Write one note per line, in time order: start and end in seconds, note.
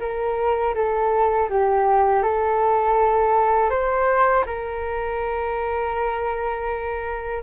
0.00 0.74 A#4
0.75 1.49 A4
1.49 2.23 G4
2.23 3.70 A4
3.70 4.44 C5
4.46 7.42 A#4